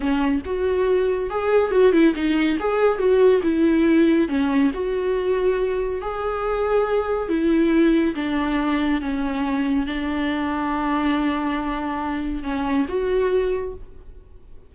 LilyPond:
\new Staff \with { instrumentName = "viola" } { \time 4/4 \tempo 4 = 140 cis'4 fis'2 gis'4 | fis'8 e'8 dis'4 gis'4 fis'4 | e'2 cis'4 fis'4~ | fis'2 gis'2~ |
gis'4 e'2 d'4~ | d'4 cis'2 d'4~ | d'1~ | d'4 cis'4 fis'2 | }